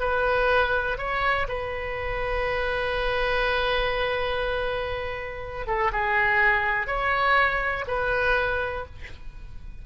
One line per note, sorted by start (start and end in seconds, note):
0.00 0.98 B4
0.98 1.48 C#5
1.49 5.67 B4
5.67 5.92 A4
5.92 6.87 G#4
6.87 7.86 C#5
7.88 8.86 B4